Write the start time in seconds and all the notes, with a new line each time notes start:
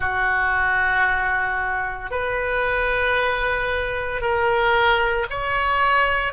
0.00 F#4
2.11 B4
4.21 A#4
5.30 C#5